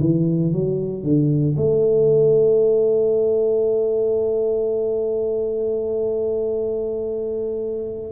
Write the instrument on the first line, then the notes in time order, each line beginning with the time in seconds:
tuba
0.00 E3
0.53 F#3
1.03 D3
1.57 A3